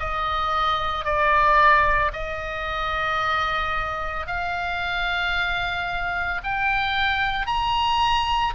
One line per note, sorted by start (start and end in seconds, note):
0.00 1.05 D#5
1.05 2.12 D5
2.13 4.27 D#5
4.27 6.41 F5
6.44 7.47 G5
7.47 8.54 A#5